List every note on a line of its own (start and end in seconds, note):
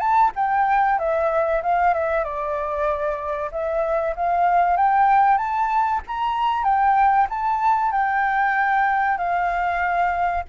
0.00 0.32 A5
0.36 0.99 G5
0.99 1.62 E5
1.63 1.94 F5
1.94 2.24 E5
2.24 3.51 D5
3.52 4.15 E5
4.16 4.77 F5
4.77 5.38 G5
5.38 6.01 A5
6.07 6.64 A#5
6.64 7.27 G5
7.30 7.92 A5
7.92 9.18 G5
9.18 10.44 F5